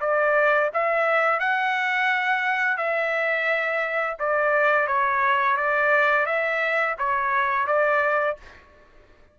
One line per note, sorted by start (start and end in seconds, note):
0.00 0.70 D5
0.73 1.39 E5
1.39 2.77 F#5
2.77 4.16 E5
4.19 4.87 D5
4.87 5.56 C#5
5.56 6.26 D5
6.26 6.95 E5
6.98 7.66 C#5
7.66 8.36 D5